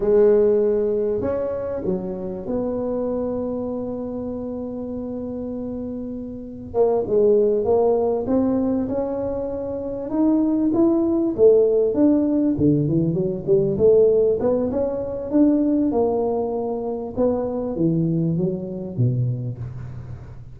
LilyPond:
\new Staff \with { instrumentName = "tuba" } { \time 4/4 \tempo 4 = 98 gis2 cis'4 fis4 | b1~ | b2. ais8 gis8~ | gis8 ais4 c'4 cis'4.~ |
cis'8 dis'4 e'4 a4 d'8~ | d'8 d8 e8 fis8 g8 a4 b8 | cis'4 d'4 ais2 | b4 e4 fis4 b,4 | }